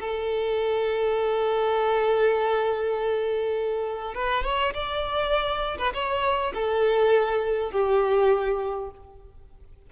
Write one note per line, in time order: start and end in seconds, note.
0.00 4.15 A4
4.15 4.44 B4
4.44 4.74 C#5
4.74 5.78 D5
5.79 5.94 B4
5.94 6.53 C#5
6.55 7.72 A4
7.72 8.91 G4